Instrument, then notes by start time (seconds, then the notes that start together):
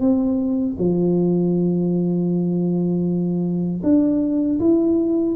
tuba
0.00 C4
0.78 F3
3.83 D4
4.59 E4